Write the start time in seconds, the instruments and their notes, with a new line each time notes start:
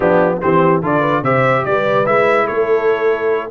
0.00 tuba F3, trombone B3, horn D4, trumpet G4
0.41 tuba E3, trombone C4, horn G4, trumpet C5
0.82 tuba D3, trombone F4, horn A4, trumpet D5
1.00 horn B4
1.22 tuba C3, trombone G4, horn C5, trumpet E5
1.65 tuba G3, horn B4, trumpet D5
2.05 tuba G#3, trombone E4, trumpet E5
2.44 tuba A3, horn A4, trumpet C#5